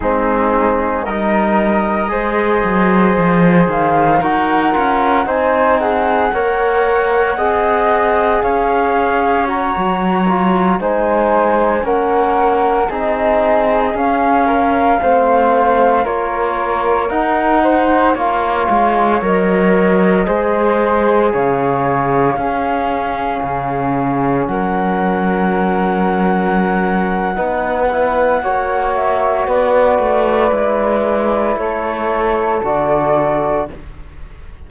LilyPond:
<<
  \new Staff \with { instrumentName = "flute" } { \time 4/4 \tempo 4 = 57 gis'4 dis''2~ dis''8 f''8 | fis''4 gis''8 fis''2~ fis''8 | f''4 ais''4~ ais''16 gis''4 fis''8.~ | fis''16 dis''4 f''2 cis''8.~ |
cis''16 fis''4 f''4 dis''4.~ dis''16~ | dis''16 f''2. fis''8.~ | fis''2.~ fis''8 e''8 | d''2 cis''4 d''4 | }
  \new Staff \with { instrumentName = "flute" } { \time 4/4 dis'4 ais'4 c''2 | ais'4 c''8 gis'8 cis''4 dis''4 | cis''2~ cis''16 c''4 ais'8.~ | ais'16 gis'4. ais'8 c''4 ais'8.~ |
ais'8. c''8 cis''2 c''8.~ | c''16 cis''4 gis'2 ais'8.~ | ais'2 b'4 cis''4 | b'2 a'2 | }
  \new Staff \with { instrumentName = "trombone" } { \time 4/4 c'4 dis'4 gis'2 | fis'8 f'8 dis'4 ais'4 gis'4~ | gis'4 fis'8. f'8 dis'4 cis'8.~ | cis'16 dis'4 cis'4 c'4 f'8.~ |
f'16 dis'4 f'4 ais'4 gis'8.~ | gis'4~ gis'16 cis'2~ cis'8.~ | cis'2 dis'8 e'8 fis'4~ | fis'4 e'2 fis'4 | }
  \new Staff \with { instrumentName = "cello" } { \time 4/4 gis4 g4 gis8 fis8 f8 dis8 | dis'8 cis'8 c'4 ais4 c'4 | cis'4~ cis'16 fis4 gis4 ais8.~ | ais16 c'4 cis'4 a4 ais8.~ |
ais16 dis'4 ais8 gis8 fis4 gis8.~ | gis16 cis4 cis'4 cis4 fis8.~ | fis2 b4 ais4 | b8 a8 gis4 a4 d4 | }
>>